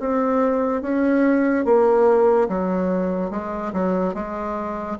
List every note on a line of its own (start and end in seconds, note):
0.00 0.82 C4
0.82 1.65 C#4
1.65 2.48 A#3
2.49 3.31 F#3
3.31 3.72 G#3
3.73 4.14 F#3
4.14 4.98 G#3